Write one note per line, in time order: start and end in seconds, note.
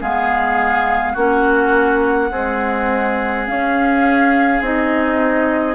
0.00 1.15 G#3
0.00 1.16 B3
0.00 1.12 G#4
0.00 1.17 F5
1.12 2.31 A#3
1.12 2.31 C#4
1.12 2.28 F#4
1.12 3.47 F#5
2.31 3.47 G#3
2.31 3.46 C4
2.31 5.74 G#4
3.47 4.62 C#4
3.47 4.61 C#4
3.47 4.62 F5
4.61 5.74 C4
4.61 5.74 D#4
4.61 5.74 D#5